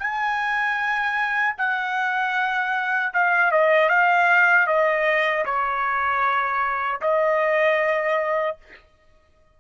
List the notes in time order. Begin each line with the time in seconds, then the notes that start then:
0.00 G#5
1.58 F#5
3.14 F5
3.52 D#5
3.90 F5
4.67 D#5
5.45 C#5
7.02 D#5